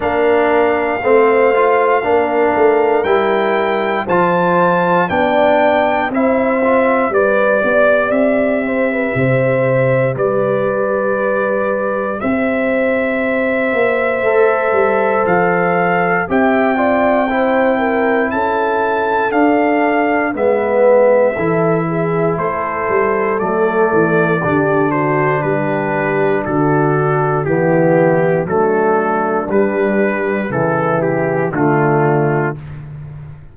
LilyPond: <<
  \new Staff \with { instrumentName = "trumpet" } { \time 4/4 \tempo 4 = 59 f''2. g''4 | a''4 g''4 e''4 d''4 | e''2 d''2 | e''2. f''4 |
g''2 a''4 f''4 | e''2 c''4 d''4~ | d''8 c''8 b'4 a'4 g'4 | a'4 b'4 a'8 g'8 f'4 | }
  \new Staff \with { instrumentName = "horn" } { \time 4/4 ais'4 c''4 ais'2 | c''4 d''4 c''4 b'8 d''8~ | d''8 c''16 b'16 c''4 b'2 | c''1 |
e''8 d''8 c''8 ais'8 a'2 | b'4 a'8 gis'8 a'2 | g'8 fis'8 g'4 fis'4 e'4 | d'2 e'4 d'4 | }
  \new Staff \with { instrumentName = "trombone" } { \time 4/4 d'4 c'8 f'8 d'4 e'4 | f'4 d'4 e'8 f'8 g'4~ | g'1~ | g'2 a'2 |
g'8 f'8 e'2 d'4 | b4 e'2 a4 | d'2. b4 | a4 g4 e4 a4 | }
  \new Staff \with { instrumentName = "tuba" } { \time 4/4 ais4 a4 ais8 a8 g4 | f4 b4 c'4 g8 b8 | c'4 c4 g2 | c'4. ais8 a8 g8 f4 |
c'2 cis'4 d'4 | gis4 e4 a8 g8 fis8 e8 | d4 g4 d4 e4 | fis4 g4 cis4 d4 | }
>>